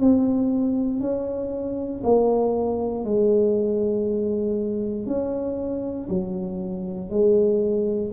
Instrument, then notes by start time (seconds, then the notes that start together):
tuba
0.00 C4
1.01 C#4
2.04 A#3
3.05 G#3
5.07 C#4
6.10 F#3
7.10 G#3